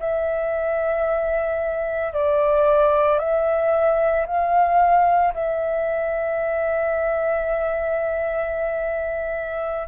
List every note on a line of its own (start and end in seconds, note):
0.00 2.13 E5
2.13 3.19 D5
3.19 4.26 E5
4.27 5.34 F5
5.34 9.88 E5